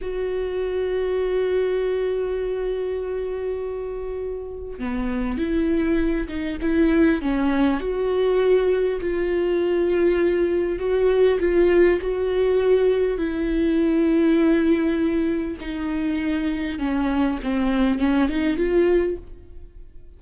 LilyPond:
\new Staff \with { instrumentName = "viola" } { \time 4/4 \tempo 4 = 100 fis'1~ | fis'1 | b4 e'4. dis'8 e'4 | cis'4 fis'2 f'4~ |
f'2 fis'4 f'4 | fis'2 e'2~ | e'2 dis'2 | cis'4 c'4 cis'8 dis'8 f'4 | }